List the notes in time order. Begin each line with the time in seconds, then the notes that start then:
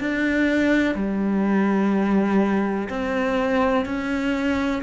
0.00 D4
0.95 G3
2.89 C4
3.86 C#4